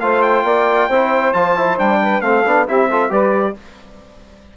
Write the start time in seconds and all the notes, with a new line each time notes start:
0.00 A3 F4 C5 F5
0.22 G5
0.44 A#3 D5
0.88 C4 E4 C5
1.33 F3 F4 A5
1.56 E4
1.78 G3 D4 G5
2.02 B4
2.21 A3 C4 A4 F5
2.45 B3 D4
2.66 C4 E4 G4 E5
2.89 F4 A4
3.10 G3 G4 B4 D5